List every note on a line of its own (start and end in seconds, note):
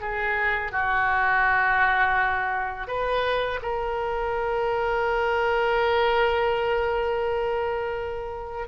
0.00 0.71 G#4
0.71 2.87 F#4
2.87 3.59 B4
3.62 8.67 A#4